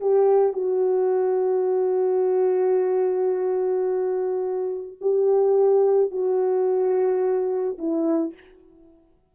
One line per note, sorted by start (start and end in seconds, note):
0.00 0.53 G4
0.53 4.97 F#4
5.01 6.11 G4
6.11 7.78 F#4
7.78 8.34 E4